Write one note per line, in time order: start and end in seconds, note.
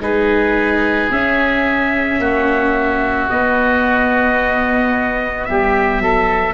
0.00 1.09 G#3
0.00 1.11 D#4
0.00 2.20 G#4
0.00 1.12 B4
1.11 2.20 C#4
1.11 3.31 C#4
1.11 3.30 E5
2.20 3.29 A#3
2.20 5.48 F#4
3.30 5.49 B3
3.30 6.54 B3
3.30 5.45 D#5
5.45 6.00 G3
5.45 6.03 G4
5.45 6.54 E5
6.00 6.54 F#3
6.00 6.54 A4